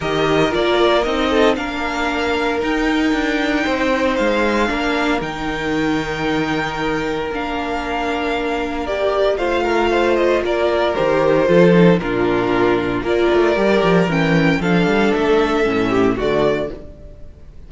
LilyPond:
<<
  \new Staff \with { instrumentName = "violin" } { \time 4/4 \tempo 4 = 115 dis''4 d''4 dis''4 f''4~ | f''4 g''2. | f''2 g''2~ | g''2 f''2~ |
f''4 d''4 f''4. dis''8 | d''4 c''2 ais'4~ | ais'4 d''2 g''4 | f''4 e''2 d''4 | }
  \new Staff \with { instrumentName = "violin" } { \time 4/4 ais'2~ ais'8 a'8 ais'4~ | ais'2. c''4~ | c''4 ais'2.~ | ais'1~ |
ais'2 c''8 ais'8 c''4 | ais'2 a'4 f'4~ | f'4 ais'2. | a'2~ a'8 g'8 fis'4 | }
  \new Staff \with { instrumentName = "viola" } { \time 4/4 g'4 f'4 dis'4 d'4~ | d'4 dis'2.~ | dis'4 d'4 dis'2~ | dis'2 d'2~ |
d'4 g'4 f'2~ | f'4 g'4 f'8 dis'8 d'4~ | d'4 f'4 g'4 cis'4 | d'2 cis'4 a4 | }
  \new Staff \with { instrumentName = "cello" } { \time 4/4 dis4 ais4 c'4 ais4~ | ais4 dis'4 d'4 c'4 | gis4 ais4 dis2~ | dis2 ais2~ |
ais2 a2 | ais4 dis4 f4 ais,4~ | ais,4 ais8 a8 g8 f8 e4 | f8 g8 a4 a,4 d4 | }
>>